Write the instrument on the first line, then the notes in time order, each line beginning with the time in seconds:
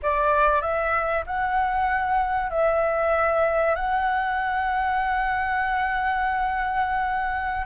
flute
0.02 D5
0.61 E5
1.26 F#5
2.50 E5
3.75 F#5